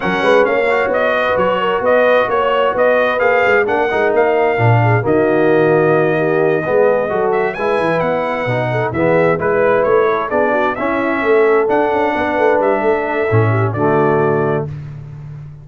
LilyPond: <<
  \new Staff \with { instrumentName = "trumpet" } { \time 4/4 \tempo 4 = 131 fis''4 f''4 dis''4 cis''4 | dis''4 cis''4 dis''4 f''4 | fis''4 f''2 dis''4~ | dis''1 |
e''8 gis''4 fis''2 e''8~ | e''8 b'4 cis''4 d''4 e''8~ | e''4. fis''2 e''8~ | e''2 d''2 | }
  \new Staff \with { instrumentName = "horn" } { \time 4/4 ais'8 b'8 cis''4. b'4 ais'8 | b'4 cis''4 b'2 | ais'2~ ais'8 gis'8 fis'4~ | fis'4. g'4 gis'4 a'8~ |
a'8 b'2~ b'8 a'8 gis'8~ | gis'8 b'4. a'8 gis'8 fis'8 e'8~ | e'8 a'2 b'4. | a'4. g'8 fis'2 | }
  \new Staff \with { instrumentName = "trombone" } { \time 4/4 cis'4. fis'2~ fis'8~ | fis'2. gis'4 | d'8 dis'4. d'4 ais4~ | ais2~ ais8 b4 fis'8~ |
fis'8 e'2 dis'4 b8~ | b8 e'2 d'4 cis'8~ | cis'4. d'2~ d'8~ | d'4 cis'4 a2 | }
  \new Staff \with { instrumentName = "tuba" } { \time 4/4 fis8 gis8 ais4 b4 fis4 | b4 ais4 b4 ais8 gis8 | ais8 gis8 ais4 ais,4 dis4~ | dis2~ dis8 gis4 fis8~ |
fis8 gis8 e8 b4 b,4 e8~ | e8 gis4 a4 b4 cis'8~ | cis'8 a4 d'8 cis'8 b8 a8 g8 | a4 a,4 d2 | }
>>